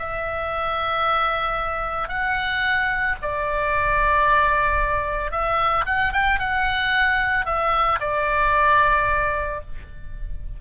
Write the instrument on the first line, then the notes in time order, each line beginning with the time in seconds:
oboe
0.00 E5
2.09 F#5
3.22 D5
5.32 E5
5.86 F#5
6.13 G5
6.40 F#5
7.46 E5
8.01 D5